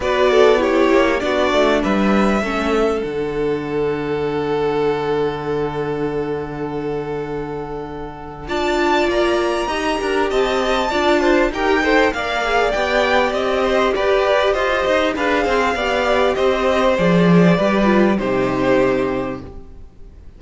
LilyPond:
<<
  \new Staff \with { instrumentName = "violin" } { \time 4/4 \tempo 4 = 99 d''4 cis''4 d''4 e''4~ | e''4 fis''2.~ | fis''1~ | fis''2 a''4 ais''4~ |
ais''4 a''2 g''4 | f''4 g''4 dis''4 d''4 | dis''4 f''2 dis''4 | d''2 c''2 | }
  \new Staff \with { instrumentName = "violin" } { \time 4/4 b'8 a'8 g'4 fis'4 b'4 | a'1~ | a'1~ | a'2 d''2 |
dis''8 ais'8 dis''4 d''8 c''8 ais'8 c''8 | d''2~ d''8 c''8 b'4 | c''4 b'8 c''8 d''4 c''4~ | c''4 b'4 g'2 | }
  \new Staff \with { instrumentName = "viola" } { \time 4/4 fis'4 e'4 d'2 | cis'4 d'2.~ | d'1~ | d'2 f'2 |
g'2 f'4 g'8 a'8 | ais'8 gis'8 g'2.~ | g'4 gis'4 g'2 | gis'4 g'8 f'8 dis'2 | }
  \new Staff \with { instrumentName = "cello" } { \time 4/4 b4. ais8 b8 a8 g4 | a4 d2.~ | d1~ | d2 d'4 ais4 |
dis'8 d'8 c'4 d'4 dis'4 | ais4 b4 c'4 g'4 | f'8 dis'8 d'8 c'8 b4 c'4 | f4 g4 c2 | }
>>